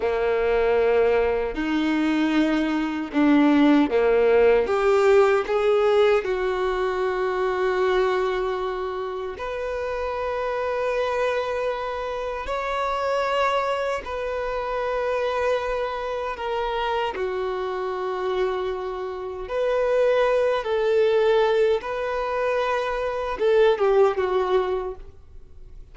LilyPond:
\new Staff \with { instrumentName = "violin" } { \time 4/4 \tempo 4 = 77 ais2 dis'2 | d'4 ais4 g'4 gis'4 | fis'1 | b'1 |
cis''2 b'2~ | b'4 ais'4 fis'2~ | fis'4 b'4. a'4. | b'2 a'8 g'8 fis'4 | }